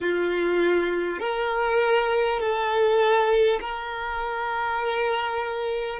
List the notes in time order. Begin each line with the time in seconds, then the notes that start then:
0.00 F4
1.19 A#4
2.39 A4
3.61 A#4